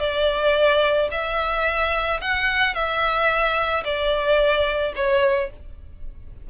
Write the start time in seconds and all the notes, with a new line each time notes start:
0.00 D5
1.12 E5
2.21 F#5
2.75 E5
3.85 D5
4.96 C#5